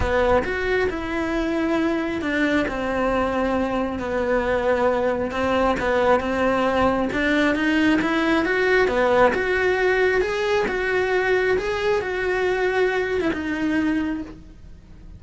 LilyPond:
\new Staff \with { instrumentName = "cello" } { \time 4/4 \tempo 4 = 135 b4 fis'4 e'2~ | e'4 d'4 c'2~ | c'4 b2. | c'4 b4 c'2 |
d'4 dis'4 e'4 fis'4 | b4 fis'2 gis'4 | fis'2 gis'4 fis'4~ | fis'4.~ fis'16 e'16 dis'2 | }